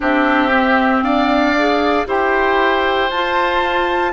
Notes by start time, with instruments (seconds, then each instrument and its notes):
0.00 bassoon C4, clarinet D4, oboe G4, flute E5
0.52 clarinet C4
1.02 bassoon D4, oboe D5, flute F5
1.57 clarinet G#4
2.06 bassoon E4, clarinet G4, oboe C5, flute G5
3.09 bassoon F4, clarinet F4, flute A5